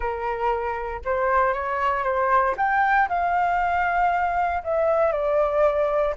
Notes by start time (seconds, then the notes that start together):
0.00 A#4
1.05 C5
1.53 C#5
2.03 C5
2.57 G5
3.08 F5
4.63 E5
5.12 D5